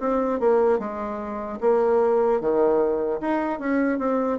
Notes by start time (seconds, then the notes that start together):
0.00 C4
0.40 A#3
0.79 G#3
1.61 A#3
2.41 D#3
3.21 D#4
3.60 C#4
3.99 C4